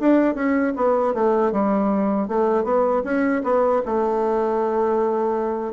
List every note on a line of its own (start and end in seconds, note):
0.00 0.34 D4
0.34 0.73 C#4
0.76 1.14 B3
1.14 1.52 A3
1.52 2.28 G3
2.28 2.64 A3
2.64 3.02 B3
3.04 3.42 C#4
3.43 3.82 B3
3.86 5.73 A3